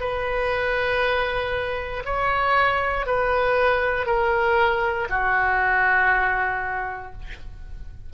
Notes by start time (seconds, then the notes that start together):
0.00 B4
2.05 C#5
3.06 B4
4.06 A#4
5.09 F#4